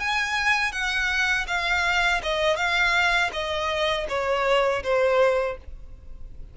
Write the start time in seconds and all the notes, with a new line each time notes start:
0.00 G#5
0.72 F#5
1.48 F5
2.24 D#5
2.57 F5
3.33 D#5
4.09 C#5
4.84 C5